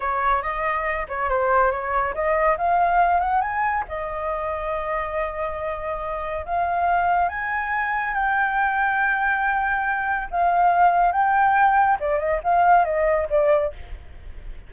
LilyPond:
\new Staff \with { instrumentName = "flute" } { \time 4/4 \tempo 4 = 140 cis''4 dis''4. cis''8 c''4 | cis''4 dis''4 f''4. fis''8 | gis''4 dis''2.~ | dis''2. f''4~ |
f''4 gis''2 g''4~ | g''1 | f''2 g''2 | d''8 dis''8 f''4 dis''4 d''4 | }